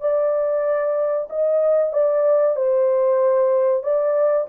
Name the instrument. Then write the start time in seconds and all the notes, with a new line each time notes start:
horn
0.00 D5
1.29 D#5
1.93 D5
2.56 C5
3.83 D5